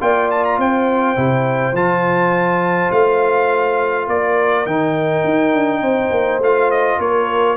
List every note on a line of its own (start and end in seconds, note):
0.00 0.58 A#3
0.00 1.16 F4
0.00 0.58 D5
0.00 0.30 G5
0.31 0.44 A5
0.44 0.59 A#5
0.58 1.16 C4
0.58 4.08 C5
0.58 1.75 G5
1.16 1.72 C3
1.16 1.74 E4
1.72 2.89 F3
1.72 4.66 F4
1.72 2.91 A5
2.91 4.07 A3
2.91 4.08 F5
4.07 4.66 A#3
4.07 5.81 A#4
4.07 4.66 D5
4.66 5.24 D#3
4.66 6.42 D#4
4.66 6.41 G5
5.24 5.53 D#4
5.53 5.81 D4
5.81 6.10 C4
5.81 6.97 C5
6.10 6.39 A#3
6.39 6.97 A3
6.39 7.57 F4
6.39 6.71 F5
6.71 7.00 D#5
6.99 7.57 A#3
6.99 7.57 A#4
6.99 7.57 C#5